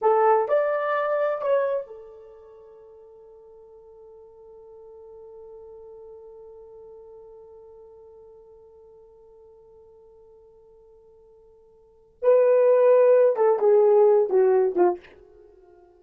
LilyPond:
\new Staff \with { instrumentName = "horn" } { \time 4/4 \tempo 4 = 128 a'4 d''2 cis''4 | a'1~ | a'1~ | a'1~ |
a'1~ | a'1~ | a'2 b'2~ | b'8 a'8 gis'4. fis'4 f'8 | }